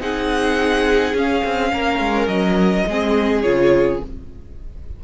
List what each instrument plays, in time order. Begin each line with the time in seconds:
0.00 cello C4, viola D#4, violin G#4 F#5
1.14 cello C#4, viola C#4, violin F5
1.44 cello C4
1.72 cello A#3, violin A#4
2.00 cello G#3
2.27 cello F#3, violin D#5
2.87 cello G#3, viola C4, violin G#4
3.42 cello C#3, viola F4, violin C#5